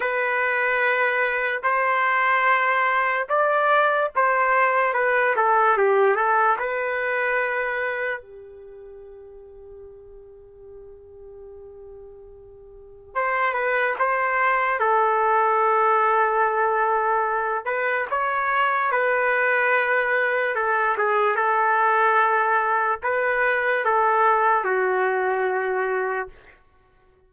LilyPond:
\new Staff \with { instrumentName = "trumpet" } { \time 4/4 \tempo 4 = 73 b'2 c''2 | d''4 c''4 b'8 a'8 g'8 a'8 | b'2 g'2~ | g'1 |
c''8 b'8 c''4 a'2~ | a'4. b'8 cis''4 b'4~ | b'4 a'8 gis'8 a'2 | b'4 a'4 fis'2 | }